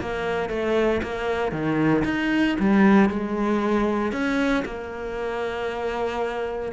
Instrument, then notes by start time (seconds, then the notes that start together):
cello
0.00 A#3
0.49 A3
1.02 A#3
1.51 D#3
2.04 D#4
2.59 G3
3.09 G#3
4.12 C#4
4.64 A#3